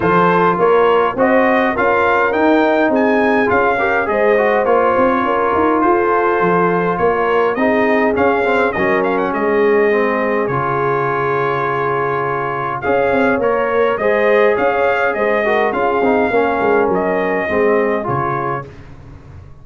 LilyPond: <<
  \new Staff \with { instrumentName = "trumpet" } { \time 4/4 \tempo 4 = 103 c''4 cis''4 dis''4 f''4 | g''4 gis''4 f''4 dis''4 | cis''2 c''2 | cis''4 dis''4 f''4 dis''8 f''16 fis''16 |
dis''2 cis''2~ | cis''2 f''4 cis''4 | dis''4 f''4 dis''4 f''4~ | f''4 dis''2 cis''4 | }
  \new Staff \with { instrumentName = "horn" } { \time 4/4 a'4 ais'4 c''4 ais'4~ | ais'4 gis'4. ais'8 c''4~ | c''4 ais'4 a'2 | ais'4 gis'2 ais'4 |
gis'1~ | gis'2 cis''2 | c''4 cis''4 c''8 ais'8 gis'4 | ais'2 gis'2 | }
  \new Staff \with { instrumentName = "trombone" } { \time 4/4 f'2 fis'4 f'4 | dis'2 f'8 g'8 gis'8 fis'8 | f'1~ | f'4 dis'4 cis'8 c'8 cis'4~ |
cis'4 c'4 f'2~ | f'2 gis'4 ais'4 | gis'2~ gis'8 fis'8 f'8 dis'8 | cis'2 c'4 f'4 | }
  \new Staff \with { instrumentName = "tuba" } { \time 4/4 f4 ais4 c'4 cis'4 | dis'4 c'4 cis'4 gis4 | ais8 c'8 cis'8 dis'8 f'4 f4 | ais4 c'4 cis'4 fis4 |
gis2 cis2~ | cis2 cis'8 c'8 ais4 | gis4 cis'4 gis4 cis'8 c'8 | ais8 gis8 fis4 gis4 cis4 | }
>>